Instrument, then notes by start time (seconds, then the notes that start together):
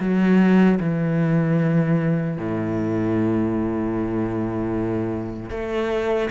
cello
0.00 F#3
0.80 E3
2.38 A2
5.50 A3